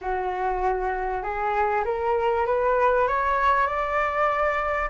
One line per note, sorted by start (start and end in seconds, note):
0.01 1.22 F#4
1.22 1.84 G#4
1.85 2.46 A#4
2.46 3.07 B4
3.07 3.67 C#5
3.67 4.89 D5